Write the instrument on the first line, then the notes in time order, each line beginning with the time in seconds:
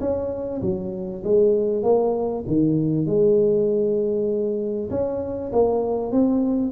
tuba
0.00 C#4
0.62 F#3
1.23 G#3
1.83 A#3
2.47 D#3
3.06 G#3
4.90 C#4
5.52 A#3
6.11 C4